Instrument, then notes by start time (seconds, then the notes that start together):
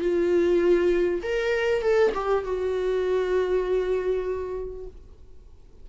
viola
0.00 F4
1.22 A#4
1.82 A4
2.14 G4
2.44 F#4